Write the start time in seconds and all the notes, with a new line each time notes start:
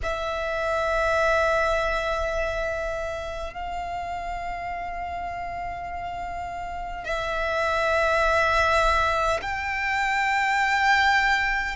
0.03 E5
3.53 F5
7.04 E5
9.41 G5